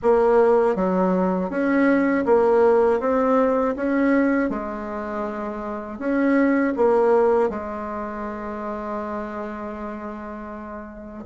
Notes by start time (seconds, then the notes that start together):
0.02 A#3
0.75 F#3
1.50 C#4
2.25 A#3
3.00 C4
3.76 C#4
4.49 G#3
5.98 C#4
6.76 A#3
7.49 G#3